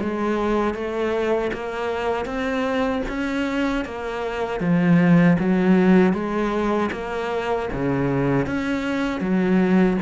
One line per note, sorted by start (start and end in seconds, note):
0.00 0.74 G#3
0.74 1.51 A3
1.52 2.25 A#3
2.25 3.02 C4
3.08 3.85 C#4
3.85 4.60 A#3
4.60 5.37 F3
5.38 6.13 F#3
6.13 6.90 G#3
6.92 7.69 A#3
7.72 8.46 C#3
8.46 9.20 C#4
9.20 9.97 F#3